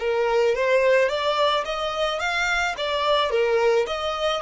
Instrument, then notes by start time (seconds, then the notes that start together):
violin
0.00 A#4
0.56 C5
1.10 D5
1.65 D#5
2.20 F5
2.78 D5
3.31 A#4
3.87 D#5